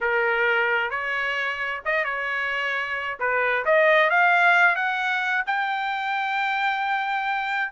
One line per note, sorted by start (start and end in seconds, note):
0.00 0.90 A#4
0.90 1.81 C#5
1.85 2.04 D#5
2.04 3.18 C#5
3.19 3.64 B4
3.65 4.10 D#5
4.10 4.75 F5
4.75 5.44 F#5
5.46 7.72 G5